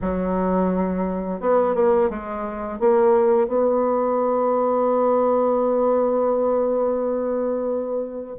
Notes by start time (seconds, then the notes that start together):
0.01 F#3
1.40 B3
1.74 A#3
2.09 G#3
2.79 A#3
3.47 B3